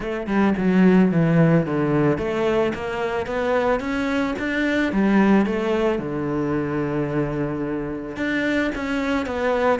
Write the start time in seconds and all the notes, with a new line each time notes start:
0.00 A3
0.26 G3
0.57 F#3
1.11 E3
1.66 D3
2.18 A3
2.74 A#3
3.26 B3
3.80 C#4
4.38 D4
4.92 G3
5.46 A3
5.99 D3
8.16 D4
8.75 C#4
9.26 B3